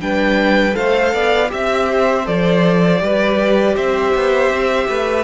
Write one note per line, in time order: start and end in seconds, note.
0.00 0.75 G3
0.00 0.72 D4
0.00 0.77 B4
0.00 0.75 G5
0.72 1.13 A3
0.72 1.47 A4
0.72 1.13 C5
0.72 1.50 F5
1.13 1.51 B3
1.13 1.50 D5
1.48 2.27 C4
1.48 2.23 G4
1.48 1.88 E5
1.48 2.27 E5
1.89 3.02 C5
2.25 3.01 F3
2.25 2.99 A4
2.25 3.76 D5
2.99 3.76 G3
2.99 5.23 G4
2.99 3.75 B4
3.75 4.14 C4
3.75 4.87 C5
3.75 5.23 E5
4.14 4.49 B3
4.49 4.87 C4
4.88 5.23 A3
4.88 5.23 B4